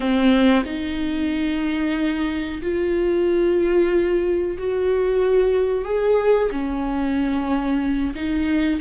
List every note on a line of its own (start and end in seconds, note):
0.00 0.62 C4
0.65 2.61 D#4
2.61 4.57 F4
4.57 5.84 F#4
5.84 6.50 G#4
6.51 8.14 C#4
8.15 8.80 D#4